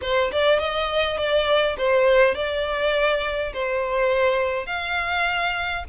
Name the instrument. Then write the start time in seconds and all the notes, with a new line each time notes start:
violin
0.01 C5
0.32 D5
0.59 D#5
1.17 D5
1.77 C5
2.34 D5
3.53 C5
4.66 F5